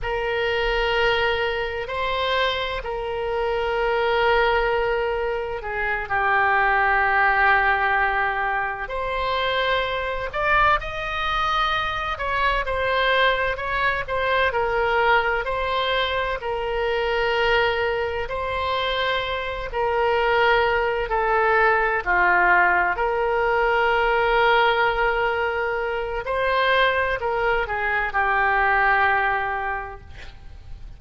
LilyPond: \new Staff \with { instrumentName = "oboe" } { \time 4/4 \tempo 4 = 64 ais'2 c''4 ais'4~ | ais'2 gis'8 g'4.~ | g'4. c''4. d''8 dis''8~ | dis''4 cis''8 c''4 cis''8 c''8 ais'8~ |
ais'8 c''4 ais'2 c''8~ | c''4 ais'4. a'4 f'8~ | f'8 ais'2.~ ais'8 | c''4 ais'8 gis'8 g'2 | }